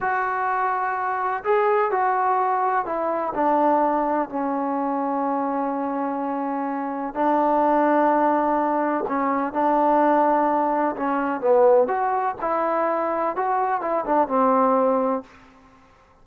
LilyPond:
\new Staff \with { instrumentName = "trombone" } { \time 4/4 \tempo 4 = 126 fis'2. gis'4 | fis'2 e'4 d'4~ | d'4 cis'2.~ | cis'2. d'4~ |
d'2. cis'4 | d'2. cis'4 | b4 fis'4 e'2 | fis'4 e'8 d'8 c'2 | }